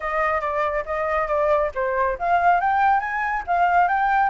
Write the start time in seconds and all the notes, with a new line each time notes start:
0.00 D#5
0.40 D5
0.85 D#5
1.27 D5
1.74 C5
2.18 F5
2.60 G5
3.00 G#5
3.46 F5
3.87 G5